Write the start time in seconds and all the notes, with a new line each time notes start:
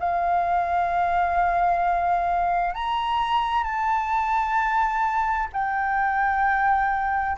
0.00 F5
2.75 A#5
3.64 A5
5.53 G5